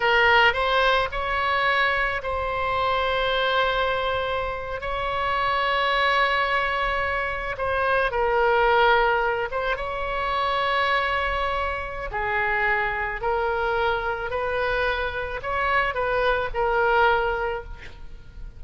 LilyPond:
\new Staff \with { instrumentName = "oboe" } { \time 4/4 \tempo 4 = 109 ais'4 c''4 cis''2 | c''1~ | c''8. cis''2.~ cis''16~ | cis''4.~ cis''16 c''4 ais'4~ ais'16~ |
ais'4~ ais'16 c''8 cis''2~ cis''16~ | cis''2 gis'2 | ais'2 b'2 | cis''4 b'4 ais'2 | }